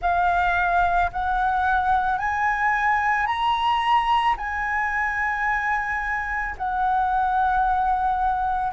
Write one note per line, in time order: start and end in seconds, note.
0.01 1.10 F5
1.12 2.18 F#5
2.18 3.26 G#5
3.26 4.35 A#5
4.37 6.55 G#5
6.57 8.72 F#5